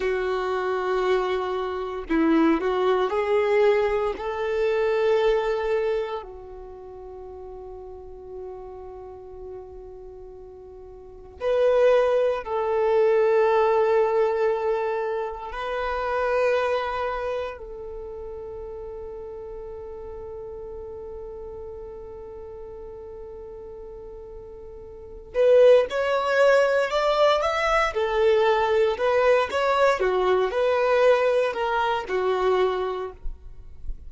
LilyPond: \new Staff \with { instrumentName = "violin" } { \time 4/4 \tempo 4 = 58 fis'2 e'8 fis'8 gis'4 | a'2 fis'2~ | fis'2. b'4 | a'2. b'4~ |
b'4 a'2.~ | a'1~ | a'8 b'8 cis''4 d''8 e''8 a'4 | b'8 cis''8 fis'8 b'4 ais'8 fis'4 | }